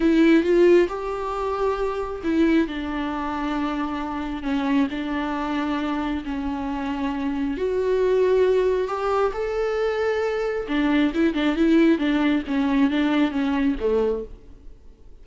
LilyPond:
\new Staff \with { instrumentName = "viola" } { \time 4/4 \tempo 4 = 135 e'4 f'4 g'2~ | g'4 e'4 d'2~ | d'2 cis'4 d'4~ | d'2 cis'2~ |
cis'4 fis'2. | g'4 a'2. | d'4 e'8 d'8 e'4 d'4 | cis'4 d'4 cis'4 a4 | }